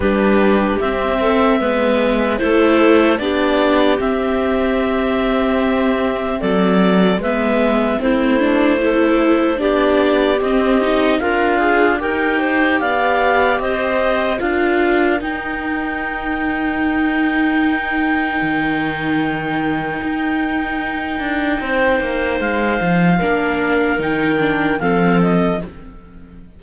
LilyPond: <<
  \new Staff \with { instrumentName = "clarinet" } { \time 4/4 \tempo 4 = 75 b'4 e''2 c''4 | d''4 e''2. | d''4 e''4 c''2 | d''4 dis''4 f''4 g''4 |
f''4 dis''4 f''4 g''4~ | g''1~ | g''1 | f''2 g''4 f''8 dis''8 | }
  \new Staff \with { instrumentName = "clarinet" } { \time 4/4 g'4. a'8 b'4 a'4 | g'1 | a'4 b'4 e'4 a'4 | g'2 f'4 ais'8 c''8 |
d''4 c''4 ais'2~ | ais'1~ | ais'2. c''4~ | c''4 ais'2 a'4 | }
  \new Staff \with { instrumentName = "viola" } { \time 4/4 d'4 c'4 b4 e'4 | d'4 c'2.~ | c'4 b4 c'8 d'8 e'4 | d'4 c'8 dis'8 ais'8 gis'8 g'4~ |
g'2 f'4 dis'4~ | dis'1~ | dis'1~ | dis'4 d'4 dis'8 d'8 c'4 | }
  \new Staff \with { instrumentName = "cello" } { \time 4/4 g4 c'4 gis4 a4 | b4 c'2. | fis4 gis4 a2 | b4 c'4 d'4 dis'4 |
b4 c'4 d'4 dis'4~ | dis'2. dis4~ | dis4 dis'4. d'8 c'8 ais8 | gis8 f8 ais4 dis4 f4 | }
>>